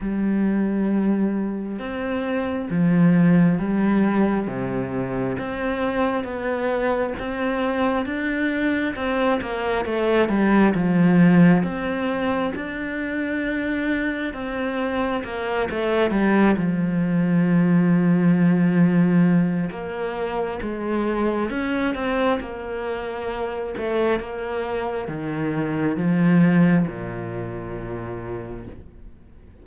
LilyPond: \new Staff \with { instrumentName = "cello" } { \time 4/4 \tempo 4 = 67 g2 c'4 f4 | g4 c4 c'4 b4 | c'4 d'4 c'8 ais8 a8 g8 | f4 c'4 d'2 |
c'4 ais8 a8 g8 f4.~ | f2 ais4 gis4 | cis'8 c'8 ais4. a8 ais4 | dis4 f4 ais,2 | }